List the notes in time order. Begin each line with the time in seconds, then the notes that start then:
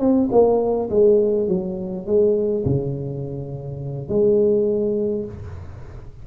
0.00 C4
0.32 A#3
0.91 G#3
1.48 F#3
2.07 G#3
2.66 C#3
4.09 G#3